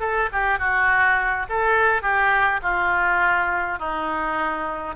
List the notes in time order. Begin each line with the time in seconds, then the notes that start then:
0.00 A4
0.32 G4
0.59 F#4
1.49 A4
2.02 G4
2.62 F4
3.79 D#4